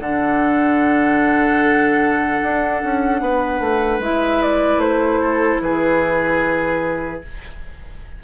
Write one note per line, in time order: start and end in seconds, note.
0.00 2.40 D3
0.00 4.03 D4
0.00 3.21 A4
0.00 4.01 F#5
2.43 2.83 D4
2.84 3.21 C#4
3.21 3.60 B3
3.21 5.21 B4
3.60 4.00 A3
4.00 4.78 G#3
4.00 7.23 E4
4.00 4.43 E5
4.43 4.81 D5
4.78 5.58 A3
4.78 5.61 C5
5.21 5.61 A4
5.62 7.22 E3
5.62 7.24 G#4
5.62 7.22 B4